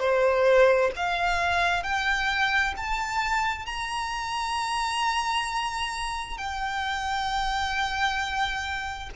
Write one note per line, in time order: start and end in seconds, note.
0.00 0.91 C5
0.96 1.83 F5
1.83 2.74 G5
2.77 3.66 A5
3.66 6.38 A#5
6.38 9.10 G5